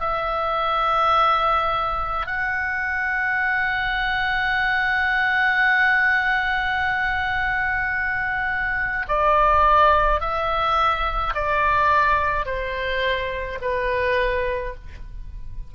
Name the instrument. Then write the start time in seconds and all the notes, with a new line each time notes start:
oboe
0.00 E5
2.27 F#5
9.08 D5
10.20 E5
11.35 D5
12.46 C5
13.61 B4